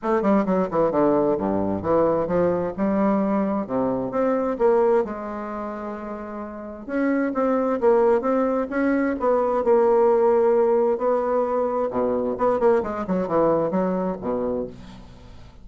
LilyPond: \new Staff \with { instrumentName = "bassoon" } { \time 4/4 \tempo 4 = 131 a8 g8 fis8 e8 d4 g,4 | e4 f4 g2 | c4 c'4 ais4 gis4~ | gis2. cis'4 |
c'4 ais4 c'4 cis'4 | b4 ais2. | b2 b,4 b8 ais8 | gis8 fis8 e4 fis4 b,4 | }